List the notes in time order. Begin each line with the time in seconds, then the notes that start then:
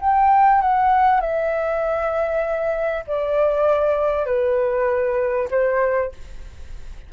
0.00 G5
0.61 F#5
1.20 E5
3.07 D5
4.25 B4
5.50 C5